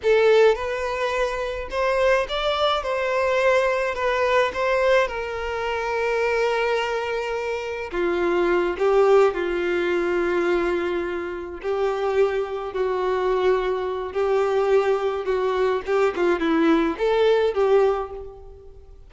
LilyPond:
\new Staff \with { instrumentName = "violin" } { \time 4/4 \tempo 4 = 106 a'4 b'2 c''4 | d''4 c''2 b'4 | c''4 ais'2.~ | ais'2 f'4. g'8~ |
g'8 f'2.~ f'8~ | f'8 g'2 fis'4.~ | fis'4 g'2 fis'4 | g'8 f'8 e'4 a'4 g'4 | }